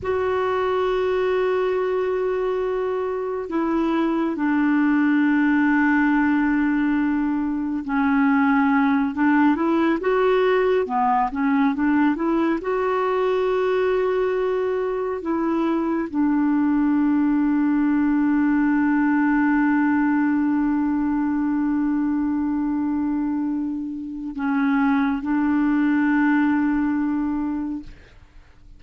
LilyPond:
\new Staff \with { instrumentName = "clarinet" } { \time 4/4 \tempo 4 = 69 fis'1 | e'4 d'2.~ | d'4 cis'4. d'8 e'8 fis'8~ | fis'8 b8 cis'8 d'8 e'8 fis'4.~ |
fis'4. e'4 d'4.~ | d'1~ | d'1 | cis'4 d'2. | }